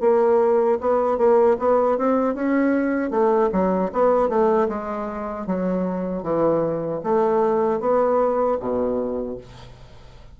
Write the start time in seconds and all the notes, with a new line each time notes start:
0.00 A#3
0.80 B3
1.17 A#3
1.58 B3
1.98 C4
2.34 C#4
3.10 A3
3.52 F#3
3.92 B3
4.29 A3
4.68 G#3
5.46 F#3
6.23 E3
7.03 A3
7.80 B3
8.59 B2